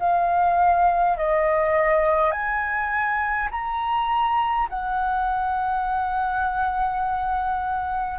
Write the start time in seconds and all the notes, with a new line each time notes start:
0.00 F5
1.18 D#5
2.32 G#5
3.51 A#5
4.70 F#5